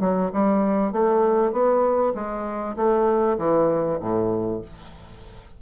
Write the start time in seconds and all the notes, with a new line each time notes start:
0.00 F#3
0.32 G3
0.92 A3
1.52 B3
2.14 G#3
2.76 A3
3.38 E3
4.00 A2